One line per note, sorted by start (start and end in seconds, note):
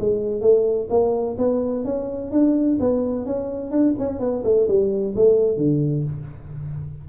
0.00 0.42 G#3
0.42 0.88 A3
0.90 1.37 A#3
1.38 1.85 B3
1.85 2.32 C#4
2.32 2.79 D4
2.80 3.26 B3
3.26 3.71 C#4
3.71 3.95 D4
3.99 4.20 C#4
4.20 4.43 B3
4.44 4.68 A3
4.68 5.15 G3
5.16 5.57 A3
5.57 6.04 D3